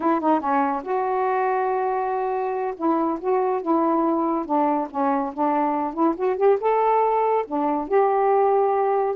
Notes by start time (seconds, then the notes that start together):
0.00 E4
0.20 D#4
0.40 C#4
0.83 F#4
2.76 E4
3.20 F#4
3.62 E4
4.45 D4
4.90 C#4
5.33 D4
5.93 E4
6.16 F#4
6.36 G4
6.60 A4
7.46 D4
7.88 G4